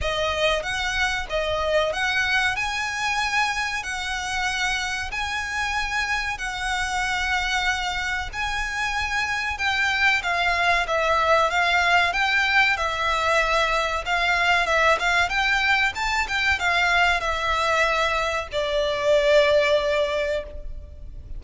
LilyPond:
\new Staff \with { instrumentName = "violin" } { \time 4/4 \tempo 4 = 94 dis''4 fis''4 dis''4 fis''4 | gis''2 fis''2 | gis''2 fis''2~ | fis''4 gis''2 g''4 |
f''4 e''4 f''4 g''4 | e''2 f''4 e''8 f''8 | g''4 a''8 g''8 f''4 e''4~ | e''4 d''2. | }